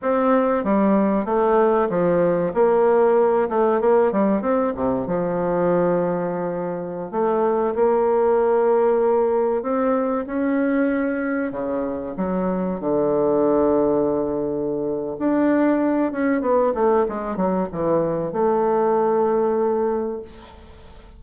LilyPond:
\new Staff \with { instrumentName = "bassoon" } { \time 4/4 \tempo 4 = 95 c'4 g4 a4 f4 | ais4. a8 ais8 g8 c'8 c8 | f2.~ f16 a8.~ | a16 ais2. c'8.~ |
c'16 cis'2 cis4 fis8.~ | fis16 d2.~ d8. | d'4. cis'8 b8 a8 gis8 fis8 | e4 a2. | }